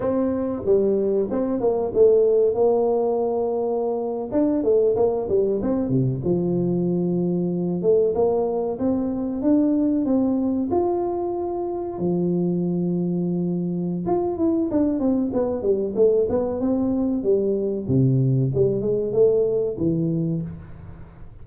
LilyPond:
\new Staff \with { instrumentName = "tuba" } { \time 4/4 \tempo 4 = 94 c'4 g4 c'8 ais8 a4 | ais2~ ais8. d'8 a8 ais16~ | ais16 g8 c'8 c8 f2~ f16~ | f16 a8 ais4 c'4 d'4 c'16~ |
c'8. f'2 f4~ f16~ | f2 f'8 e'8 d'8 c'8 | b8 g8 a8 b8 c'4 g4 | c4 g8 gis8 a4 e4 | }